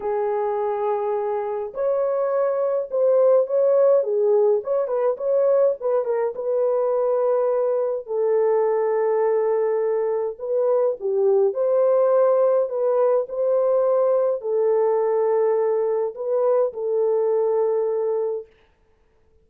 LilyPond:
\new Staff \with { instrumentName = "horn" } { \time 4/4 \tempo 4 = 104 gis'2. cis''4~ | cis''4 c''4 cis''4 gis'4 | cis''8 b'8 cis''4 b'8 ais'8 b'4~ | b'2 a'2~ |
a'2 b'4 g'4 | c''2 b'4 c''4~ | c''4 a'2. | b'4 a'2. | }